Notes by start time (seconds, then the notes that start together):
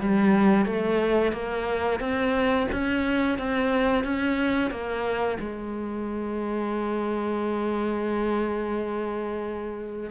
0.00 G3
0.66 A3
1.32 A#3
2.00 C4
2.72 C#4
3.38 C4
4.04 C#4
4.71 A#3
5.40 G#3